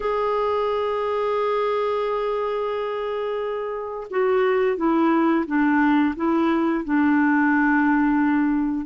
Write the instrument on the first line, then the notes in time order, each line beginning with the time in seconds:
clarinet
0.00 G#4
4.10 F#4
4.76 E4
5.46 D4
6.15 E4
6.84 D4